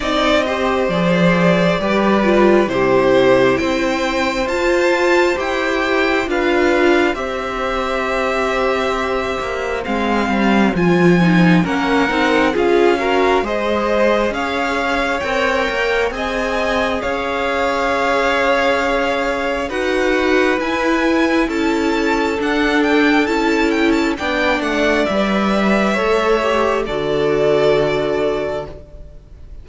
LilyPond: <<
  \new Staff \with { instrumentName = "violin" } { \time 4/4 \tempo 4 = 67 dis''4 d''2 c''4 | g''4 a''4 g''4 f''4 | e''2. f''4 | gis''4 fis''4 f''4 dis''4 |
f''4 g''4 gis''4 f''4~ | f''2 fis''4 gis''4 | a''4 fis''8 g''8 a''8 g''16 a''16 g''8 fis''8 | e''2 d''2 | }
  \new Staff \with { instrumentName = "violin" } { \time 4/4 d''8 c''4. b'4 g'4 | c''2. b'4 | c''1~ | c''4 ais'4 gis'8 ais'8 c''4 |
cis''2 dis''4 cis''4~ | cis''2 b'2 | a'2. d''4~ | d''4 cis''4 a'2 | }
  \new Staff \with { instrumentName = "viola" } { \time 4/4 dis'8 g'8 gis'4 g'8 f'8 e'4~ | e'4 f'4 g'4 f'4 | g'2. c'4 | f'8 dis'8 cis'8 dis'8 f'8 fis'8 gis'4~ |
gis'4 ais'4 gis'2~ | gis'2 fis'4 e'4~ | e'4 d'4 e'4 d'4 | b'4 a'8 g'8 fis'2 | }
  \new Staff \with { instrumentName = "cello" } { \time 4/4 c'4 f4 g4 c4 | c'4 f'4 e'4 d'4 | c'2~ c'8 ais8 gis8 g8 | f4 ais8 c'8 cis'4 gis4 |
cis'4 c'8 ais8 c'4 cis'4~ | cis'2 dis'4 e'4 | cis'4 d'4 cis'4 b8 a8 | g4 a4 d2 | }
>>